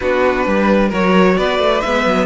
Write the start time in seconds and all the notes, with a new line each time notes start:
0.00 B3 D4 F#4 B4
0.46 G3 B4
0.88 F#3 F#4 A#4 C#5
1.37 B3 B4 D5
1.59 A3
1.80 G#3 B3 E5
2.05 F#3